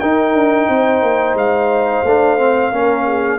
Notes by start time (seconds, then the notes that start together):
0.00 D#4 A#4 G5
0.34 D4
0.68 C4 C5
1.02 A#3
1.35 G#3 F5
2.04 A3 D4
2.38 C4
2.72 A#3 C#4 A#4
3.06 G#4